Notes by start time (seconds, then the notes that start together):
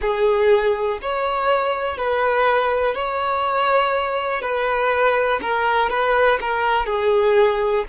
0.00 G#4
1.01 C#5
1.97 B4
2.94 C#5
4.41 B4
5.41 A#4
5.89 B4
6.41 A#4
6.85 G#4